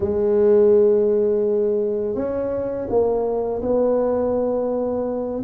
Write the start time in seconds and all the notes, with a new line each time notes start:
0.00 G#3
2.15 C#4
2.89 A#3
3.62 B3